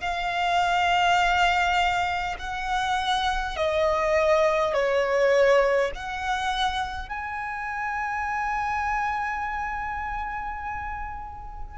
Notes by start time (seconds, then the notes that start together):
0.00 F5
2.39 F#5
3.56 D#5
4.73 C#5
5.95 F#5
7.09 G#5